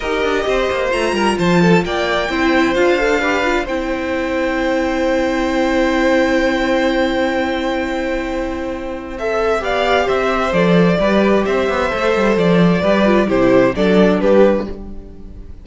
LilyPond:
<<
  \new Staff \with { instrumentName = "violin" } { \time 4/4 \tempo 4 = 131 dis''2 ais''4 a''4 | g''2 f''2 | g''1~ | g''1~ |
g''1 | e''4 f''4 e''4 d''4~ | d''4 e''2 d''4~ | d''4 c''4 d''4 b'4 | }
  \new Staff \with { instrumentName = "violin" } { \time 4/4 ais'4 c''4. ais'8 c''8 a'8 | d''4 c''2 b'4 | c''1~ | c''1~ |
c''1~ | c''4 d''4 c''2 | b'4 c''2. | b'4 g'4 a'4 g'4 | }
  \new Staff \with { instrumentName = "viola" } { \time 4/4 g'2 f'2~ | f'4 e'4 f'8 a'8 g'8 f'8 | e'1~ | e'1~ |
e'1 | a'4 g'2 a'4 | g'2 a'2 | g'8 f'8 e'4 d'2 | }
  \new Staff \with { instrumentName = "cello" } { \time 4/4 dis'8 d'8 c'8 ais8 a8 g8 f4 | ais4 c'4 d'2 | c'1~ | c'1~ |
c'1~ | c'4 b4 c'4 f4 | g4 c'8 b8 a8 g8 f4 | g4 c4 fis4 g4 | }
>>